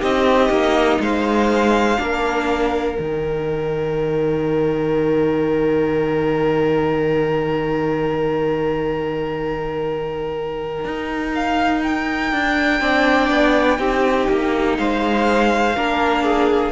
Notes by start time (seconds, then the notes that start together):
0.00 C4 D#4 G4 D#5
0.49 A#3
1.00 G#3 C5 F5
1.98 A#3 D4 A#4
2.95 D#3 D#4 G5
10.85 D#4
11.35 F5
11.82 G5
12.32 D4
12.81 C4 D4 D5
13.30 B3
13.78 C4 D#4 G4
14.29 A#3
14.77 G#3 C5 F5
15.75 A#3 D4 A#4
16.23 G#4